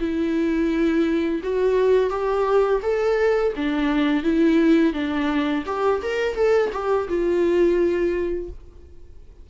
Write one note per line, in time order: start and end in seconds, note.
0.00 1.41 E4
1.43 2.10 F#4
2.10 2.80 G4
2.82 3.53 A4
3.56 4.23 D4
4.23 4.93 E4
4.93 5.64 D4
5.66 6.01 G4
6.02 6.35 A#4
6.35 6.70 A4
6.72 7.08 G4
7.08 8.50 F4